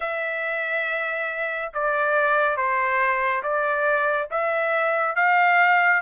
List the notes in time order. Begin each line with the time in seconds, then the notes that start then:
0.00 E5
1.73 D5
2.56 C5
3.42 D5
4.31 E5
5.15 F5